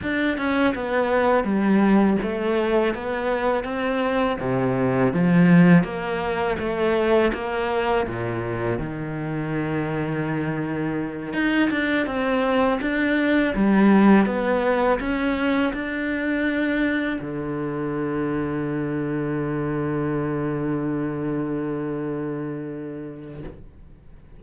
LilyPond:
\new Staff \with { instrumentName = "cello" } { \time 4/4 \tempo 4 = 82 d'8 cis'8 b4 g4 a4 | b4 c'4 c4 f4 | ais4 a4 ais4 ais,4 | dis2.~ dis8 dis'8 |
d'8 c'4 d'4 g4 b8~ | b8 cis'4 d'2 d8~ | d1~ | d1 | }